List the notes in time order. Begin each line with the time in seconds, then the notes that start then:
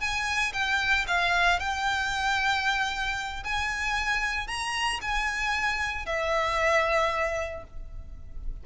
0.00 G#5
0.53 G5
1.07 F5
1.59 G5
3.44 G#5
4.47 A#5
5.01 G#5
6.06 E5